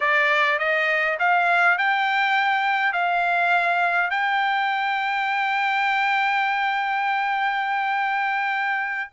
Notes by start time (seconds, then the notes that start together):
0.00 D5
0.59 D#5
1.19 F5
1.78 G5
2.92 F5
4.10 G5